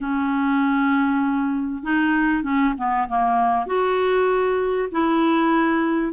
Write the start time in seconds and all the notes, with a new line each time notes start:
0.00 C#4
1.83 D#4
2.43 C#4
2.77 B3
3.08 A#3
3.66 F#4
4.91 E4